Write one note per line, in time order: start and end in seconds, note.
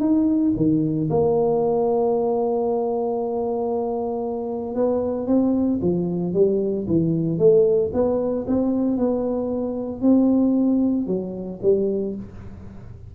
0.00 0.53 D#4
0.56 1.09 D#3
1.10 4.74 A#3
4.74 5.27 B3
5.27 5.79 C4
5.81 6.33 F3
6.33 6.86 G3
6.87 7.38 E3
7.38 7.91 A3
7.93 8.45 B3
8.47 8.97 C4
8.97 10.01 B3
10.01 11.07 C4
11.07 11.59 F#3
11.62 12.15 G3